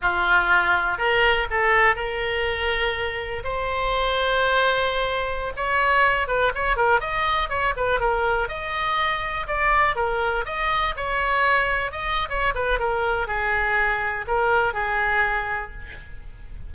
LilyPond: \new Staff \with { instrumentName = "oboe" } { \time 4/4 \tempo 4 = 122 f'2 ais'4 a'4 | ais'2. c''4~ | c''2.~ c''16 cis''8.~ | cis''8. b'8 cis''8 ais'8 dis''4 cis''8 b'16~ |
b'16 ais'4 dis''2 d''8.~ | d''16 ais'4 dis''4 cis''4.~ cis''16~ | cis''16 dis''8. cis''8 b'8 ais'4 gis'4~ | gis'4 ais'4 gis'2 | }